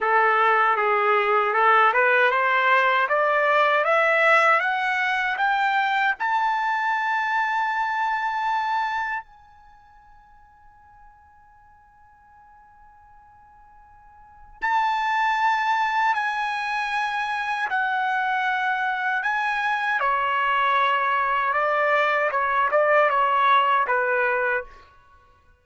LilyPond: \new Staff \with { instrumentName = "trumpet" } { \time 4/4 \tempo 4 = 78 a'4 gis'4 a'8 b'8 c''4 | d''4 e''4 fis''4 g''4 | a''1 | gis''1~ |
gis''2. a''4~ | a''4 gis''2 fis''4~ | fis''4 gis''4 cis''2 | d''4 cis''8 d''8 cis''4 b'4 | }